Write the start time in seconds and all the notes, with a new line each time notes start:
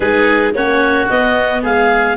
0.00 G#3 D#4 G#4 B4
0.54 A#3 C#4 F#4 C#5
1.09 B3 D#5
1.62 G#3 G#4 F5